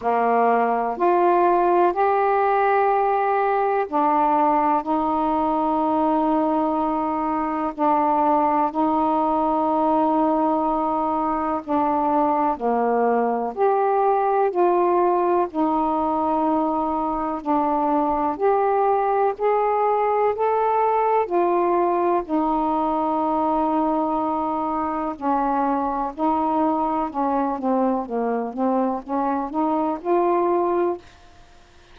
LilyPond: \new Staff \with { instrumentName = "saxophone" } { \time 4/4 \tempo 4 = 62 ais4 f'4 g'2 | d'4 dis'2. | d'4 dis'2. | d'4 ais4 g'4 f'4 |
dis'2 d'4 g'4 | gis'4 a'4 f'4 dis'4~ | dis'2 cis'4 dis'4 | cis'8 c'8 ais8 c'8 cis'8 dis'8 f'4 | }